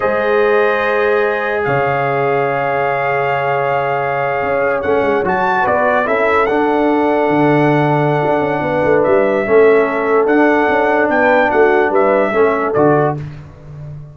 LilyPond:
<<
  \new Staff \with { instrumentName = "trumpet" } { \time 4/4 \tempo 4 = 146 dis''1 | f''1~ | f''2.~ f''8. fis''16~ | fis''8. a''4 d''4 e''4 fis''16~ |
fis''1~ | fis''2 e''2~ | e''4 fis''2 g''4 | fis''4 e''2 d''4 | }
  \new Staff \with { instrumentName = "horn" } { \time 4/4 c''1 | cis''1~ | cis''1~ | cis''4.~ cis''16 b'4 a'4~ a'16~ |
a'1~ | a'4 b'2 a'4~ | a'2. b'4 | fis'4 b'4 a'2 | }
  \new Staff \with { instrumentName = "trombone" } { \time 4/4 gis'1~ | gis'1~ | gis'2.~ gis'8. cis'16~ | cis'8. fis'2 e'4 d'16~ |
d'1~ | d'2. cis'4~ | cis'4 d'2.~ | d'2 cis'4 fis'4 | }
  \new Staff \with { instrumentName = "tuba" } { \time 4/4 gis1 | cis1~ | cis2~ cis8. cis'4 a16~ | a16 gis8 fis4 b4 cis'4 d'16~ |
d'4.~ d'16 d2~ d16 | d'8 cis'8 b8 a8 g4 a4~ | a4 d'4 cis'4 b4 | a4 g4 a4 d4 | }
>>